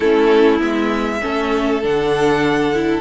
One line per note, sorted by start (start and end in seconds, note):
0.00 0.60 A3
0.00 0.59 C#4
0.00 1.20 E4
0.00 0.58 A4
0.59 1.21 G#3
0.59 1.20 B3
0.59 1.83 E5
1.21 1.83 A3
1.21 1.81 C#4
1.21 3.00 A4
1.82 3.00 D3
1.82 2.72 D4
1.82 3.00 F#5
2.74 3.00 E4